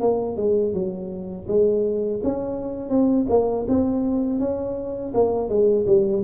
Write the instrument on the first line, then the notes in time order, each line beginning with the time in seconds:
tuba
0.00 A#3
0.37 G#3
0.74 F#3
1.48 G#3
2.24 C#4
2.89 C4
3.30 A#3
3.69 C4
4.39 C#4
5.14 A#3
5.49 G#3
5.86 G3